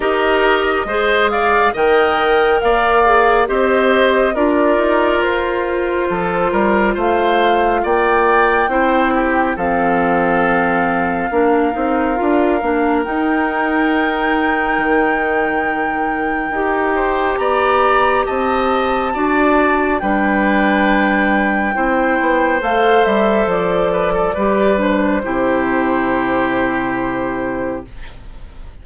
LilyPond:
<<
  \new Staff \with { instrumentName = "flute" } { \time 4/4 \tempo 4 = 69 dis''4. f''8 g''4 f''4 | dis''4 d''4 c''2 | f''4 g''2 f''4~ | f''2. g''4~ |
g''1 | ais''4 a''2 g''4~ | g''2 f''8 e''8 d''4~ | d''8 c''2.~ c''8 | }
  \new Staff \with { instrumentName = "oboe" } { \time 4/4 ais'4 c''8 d''8 dis''4 d''4 | c''4 ais'2 a'8 ais'8 | c''4 d''4 c''8 g'8 a'4~ | a'4 ais'2.~ |
ais'2.~ ais'8 c''8 | d''4 dis''4 d''4 b'4~ | b'4 c''2~ c''8 b'16 a'16 | b'4 g'2. | }
  \new Staff \with { instrumentName = "clarinet" } { \time 4/4 g'4 gis'4 ais'4. gis'8 | g'4 f'2.~ | f'2 e'4 c'4~ | c'4 d'8 dis'8 f'8 d'8 dis'4~ |
dis'2. g'4~ | g'2 fis'4 d'4~ | d'4 e'4 a'2 | g'8 d'8 e'2. | }
  \new Staff \with { instrumentName = "bassoon" } { \time 4/4 dis'4 gis4 dis4 ais4 | c'4 d'8 dis'8 f'4 f8 g8 | a4 ais4 c'4 f4~ | f4 ais8 c'8 d'8 ais8 dis'4~ |
dis'4 dis2 dis'4 | b4 c'4 d'4 g4~ | g4 c'8 b8 a8 g8 f4 | g4 c2. | }
>>